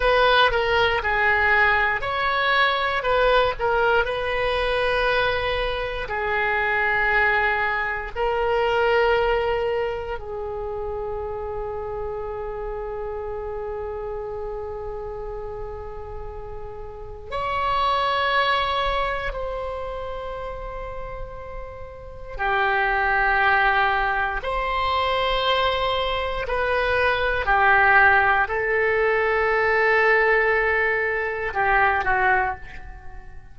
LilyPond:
\new Staff \with { instrumentName = "oboe" } { \time 4/4 \tempo 4 = 59 b'8 ais'8 gis'4 cis''4 b'8 ais'8 | b'2 gis'2 | ais'2 gis'2~ | gis'1~ |
gis'4 cis''2 c''4~ | c''2 g'2 | c''2 b'4 g'4 | a'2. g'8 fis'8 | }